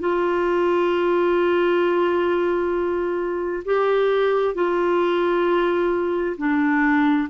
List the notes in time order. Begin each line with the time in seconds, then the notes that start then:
0.00 F4
3.65 G4
4.55 F4
6.38 D4